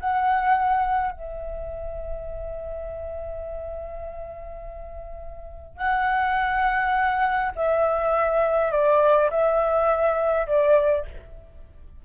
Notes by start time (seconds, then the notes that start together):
0.00 F#5
1.12 E5
5.77 F#5
7.56 E5
8.72 D5
9.30 E5
10.47 D5